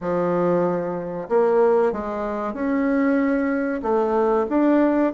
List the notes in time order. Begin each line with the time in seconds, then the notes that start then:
0.01 F3
1.29 A#3
1.92 G#3
2.53 C#4
3.82 A3
4.49 D4